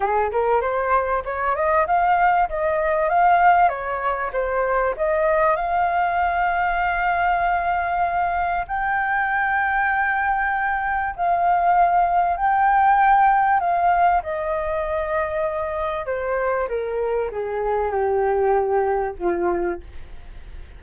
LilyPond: \new Staff \with { instrumentName = "flute" } { \time 4/4 \tempo 4 = 97 gis'8 ais'8 c''4 cis''8 dis''8 f''4 | dis''4 f''4 cis''4 c''4 | dis''4 f''2.~ | f''2 g''2~ |
g''2 f''2 | g''2 f''4 dis''4~ | dis''2 c''4 ais'4 | gis'4 g'2 f'4 | }